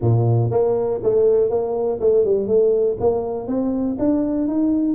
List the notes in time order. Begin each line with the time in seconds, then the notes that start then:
0.01 A#2
0.50 A#3
1.03 A3
1.50 A#3
2.00 A3
2.24 G3
2.47 A3
3.00 A#3
3.47 C4
3.98 D4
4.47 D#4